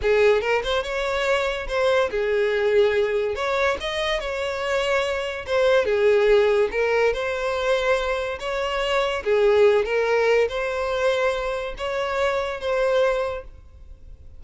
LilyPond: \new Staff \with { instrumentName = "violin" } { \time 4/4 \tempo 4 = 143 gis'4 ais'8 c''8 cis''2 | c''4 gis'2. | cis''4 dis''4 cis''2~ | cis''4 c''4 gis'2 |
ais'4 c''2. | cis''2 gis'4. ais'8~ | ais'4 c''2. | cis''2 c''2 | }